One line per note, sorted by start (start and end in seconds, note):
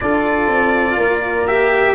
0.00 0.48 D4
0.00 1.47 F4
0.00 0.97 A4
0.00 1.47 D5
0.48 0.97 C4
0.97 1.94 A#3
0.97 1.94 A#4
1.47 1.94 G4
1.47 1.94 E5